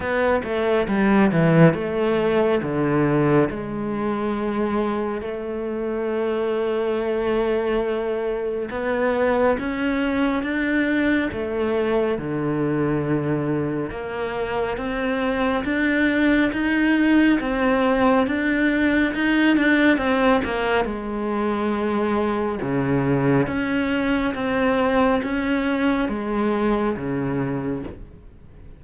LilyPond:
\new Staff \with { instrumentName = "cello" } { \time 4/4 \tempo 4 = 69 b8 a8 g8 e8 a4 d4 | gis2 a2~ | a2 b4 cis'4 | d'4 a4 d2 |
ais4 c'4 d'4 dis'4 | c'4 d'4 dis'8 d'8 c'8 ais8 | gis2 cis4 cis'4 | c'4 cis'4 gis4 cis4 | }